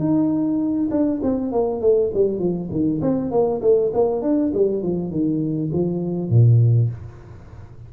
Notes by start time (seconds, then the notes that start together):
0.00 D#4
0.91 D4
1.23 C4
1.52 A#3
1.82 A3
2.14 G3
2.40 F3
2.71 D#3
3.02 C4
3.32 A#3
3.62 A3
3.94 A#3
4.22 D4
4.54 G3
4.83 F3
5.11 D#3
5.73 F3
6.30 A#2